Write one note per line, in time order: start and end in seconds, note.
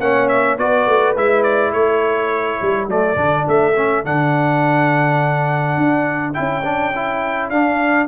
0.00 0.58 A#3
0.00 0.58 C#4
0.00 0.58 C#5
0.00 0.28 F#5
0.28 0.57 E5
0.58 0.86 B3
0.58 1.16 F#4
0.58 1.73 B4
0.58 1.16 D5
0.86 1.15 A3
1.16 1.73 G#3
1.16 2.89 E4
1.16 1.43 E5
1.43 1.72 D5
1.73 2.59 A3
1.73 8.07 A4
1.73 2.88 C#5
2.62 2.87 G3
2.87 3.16 F#3
2.87 3.16 A3
2.87 3.48 D5
3.16 3.45 D3
3.16 3.73 D4
3.47 4.05 A3
3.47 4.05 E5
3.76 4.05 C#4
4.05 5.77 D3
4.05 6.34 D4
4.05 6.34 F#5
5.77 6.35 D4
6.34 7.50 C#4
6.34 6.63 E4
6.34 7.49 G5
6.63 6.92 D4
6.95 7.52 E4
7.50 8.07 D4
7.50 8.07 F5